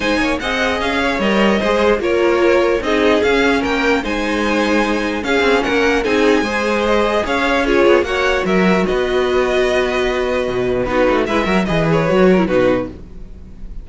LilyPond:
<<
  \new Staff \with { instrumentName = "violin" } { \time 4/4 \tempo 4 = 149 gis''4 fis''4 f''4 dis''4~ | dis''4 cis''2 dis''4 | f''4 g''4 gis''2~ | gis''4 f''4 fis''4 gis''4~ |
gis''4 dis''4 f''4 cis''4 | fis''4 e''4 dis''2~ | dis''2. b'4 | e''4 dis''8 cis''4. b'4 | }
  \new Staff \with { instrumentName = "violin" } { \time 4/4 c''8 cis''8 dis''4. cis''4. | c''4 ais'2 gis'4~ | gis'4 ais'4 c''2~ | c''4 gis'4 ais'4 gis'4 |
c''2 cis''4 gis'4 | cis''4 ais'4 b'2~ | b'2. fis'4 | b'8 ais'8 b'4. ais'8 fis'4 | }
  \new Staff \with { instrumentName = "viola" } { \time 4/4 dis'4 gis'2 ais'4 | gis'4 f'2 dis'4 | cis'2 dis'2~ | dis'4 cis'2 dis'4 |
gis'2. f'4 | fis'1~ | fis'2. dis'4 | e'8 fis'8 gis'4 fis'8. e'16 dis'4 | }
  \new Staff \with { instrumentName = "cello" } { \time 4/4 gis8 ais8 c'4 cis'4 g4 | gis4 ais2 c'4 | cis'4 ais4 gis2~ | gis4 cis'8 c'8 ais4 c'4 |
gis2 cis'4. b8 | ais4 fis4 b2~ | b2 b,4 b8 a8 | gis8 fis8 e4 fis4 b,4 | }
>>